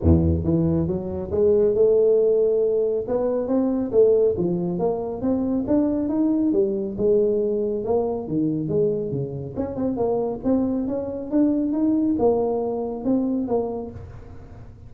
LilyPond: \new Staff \with { instrumentName = "tuba" } { \time 4/4 \tempo 4 = 138 e,4 e4 fis4 gis4 | a2. b4 | c'4 a4 f4 ais4 | c'4 d'4 dis'4 g4 |
gis2 ais4 dis4 | gis4 cis4 cis'8 c'8 ais4 | c'4 cis'4 d'4 dis'4 | ais2 c'4 ais4 | }